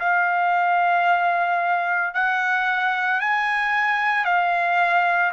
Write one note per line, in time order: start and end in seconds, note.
0.00 2.14 F5
2.14 3.20 F#5
3.20 4.25 G#5
4.25 5.32 F5